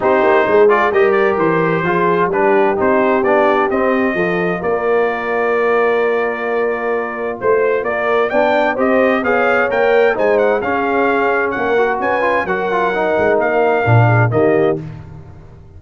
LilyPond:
<<
  \new Staff \with { instrumentName = "trumpet" } { \time 4/4 \tempo 4 = 130 c''4. d''8 dis''8 d''8 c''4~ | c''4 b'4 c''4 d''4 | dis''2 d''2~ | d''1 |
c''4 d''4 g''4 dis''4 | f''4 g''4 gis''8 fis''8 f''4~ | f''4 fis''4 gis''4 fis''4~ | fis''4 f''2 dis''4 | }
  \new Staff \with { instrumentName = "horn" } { \time 4/4 g'4 gis'4 ais'2 | gis'4 g'2.~ | g'4 a'4 ais'2~ | ais'1 |
c''4 ais'4 d''4 c''4 | cis''2 c''4 gis'4~ | gis'4 ais'4 b'4 ais'4~ | ais'2~ ais'8 gis'8 g'4 | }
  \new Staff \with { instrumentName = "trombone" } { \time 4/4 dis'4. f'8 g'2 | f'4 d'4 dis'4 d'4 | c'4 f'2.~ | f'1~ |
f'2 d'4 g'4 | gis'4 ais'4 dis'4 cis'4~ | cis'4. fis'4 f'8 fis'8 f'8 | dis'2 d'4 ais4 | }
  \new Staff \with { instrumentName = "tuba" } { \time 4/4 c'8 ais8 gis4 g4 e4 | f4 g4 c'4 b4 | c'4 f4 ais2~ | ais1 |
a4 ais4 b4 c'4 | b4 ais4 gis4 cis'4~ | cis'4 ais4 cis'4 fis4~ | fis8 gis8 ais4 ais,4 dis4 | }
>>